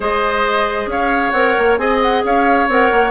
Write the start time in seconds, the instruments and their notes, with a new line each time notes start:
0.00 bassoon G#3, clarinet G#4, oboe C5, flute D#5
0.86 bassoon C#4, oboe C#5, flute F5
1.31 bassoon C4, clarinet A#4, flute F#5
1.57 bassoon A#3
1.77 bassoon C4, clarinet G#4, oboe D#5, flute G#5
2.02 flute F#5
2.24 bassoon C#4, oboe C#5, flute F5
2.68 bassoon C4, clarinet A#4, flute F#5
2.91 bassoon A#3